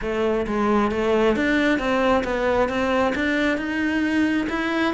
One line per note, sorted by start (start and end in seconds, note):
0.01 0.46 A3
0.46 0.91 G#3
0.91 1.36 A3
1.36 1.78 D4
1.78 2.23 C4
2.24 2.68 B3
2.68 3.13 C4
3.15 3.57 D4
3.57 4.47 D#4
4.49 4.94 E4